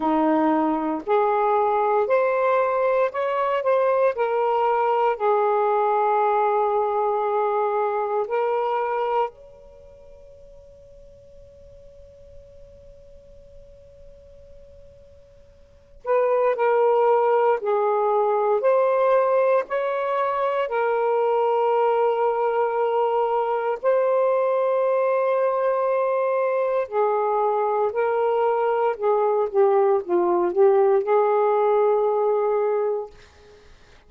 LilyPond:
\new Staff \with { instrumentName = "saxophone" } { \time 4/4 \tempo 4 = 58 dis'4 gis'4 c''4 cis''8 c''8 | ais'4 gis'2. | ais'4 cis''2.~ | cis''2.~ cis''8 b'8 |
ais'4 gis'4 c''4 cis''4 | ais'2. c''4~ | c''2 gis'4 ais'4 | gis'8 g'8 f'8 g'8 gis'2 | }